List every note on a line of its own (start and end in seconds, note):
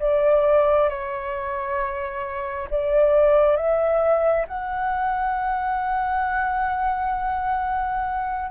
0.00 0.90 D5
0.90 2.69 C#5
2.71 3.57 D5
3.57 4.46 E5
4.48 8.51 F#5